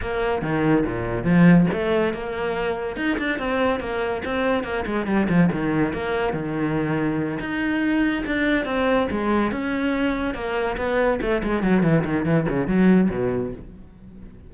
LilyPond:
\new Staff \with { instrumentName = "cello" } { \time 4/4 \tempo 4 = 142 ais4 dis4 ais,4 f4 | a4 ais2 dis'8 d'8 | c'4 ais4 c'4 ais8 gis8 | g8 f8 dis4 ais4 dis4~ |
dis4. dis'2 d'8~ | d'8 c'4 gis4 cis'4.~ | cis'8 ais4 b4 a8 gis8 fis8 | e8 dis8 e8 cis8 fis4 b,4 | }